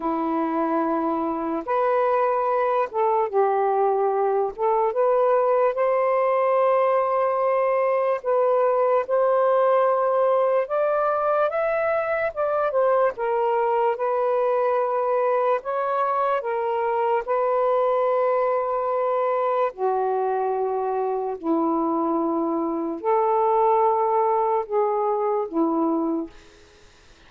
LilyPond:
\new Staff \with { instrumentName = "saxophone" } { \time 4/4 \tempo 4 = 73 e'2 b'4. a'8 | g'4. a'8 b'4 c''4~ | c''2 b'4 c''4~ | c''4 d''4 e''4 d''8 c''8 |
ais'4 b'2 cis''4 | ais'4 b'2. | fis'2 e'2 | a'2 gis'4 e'4 | }